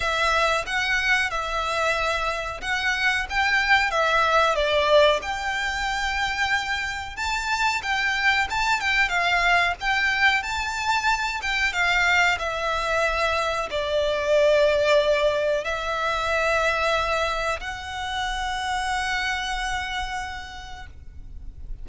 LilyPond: \new Staff \with { instrumentName = "violin" } { \time 4/4 \tempo 4 = 92 e''4 fis''4 e''2 | fis''4 g''4 e''4 d''4 | g''2. a''4 | g''4 a''8 g''8 f''4 g''4 |
a''4. g''8 f''4 e''4~ | e''4 d''2. | e''2. fis''4~ | fis''1 | }